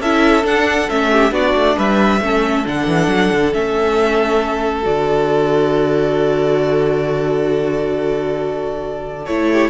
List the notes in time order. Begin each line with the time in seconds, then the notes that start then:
0.00 C#4 E4 A4 E5
0.42 D4 F#5
0.89 A3 C#4 E5
1.11 G4
1.31 B3 D4 F#4 D5
1.55 A3
1.77 G3 B4 E5
2.21 A3 C#4 A4
2.65 D3 D4 F#5
2.87 E3
3.08 F#3
3.32 D3
3.52 A3 C#4 E5
4.83 D3 F#4 D5
9.26 A3 E4 C#5
9.51 G4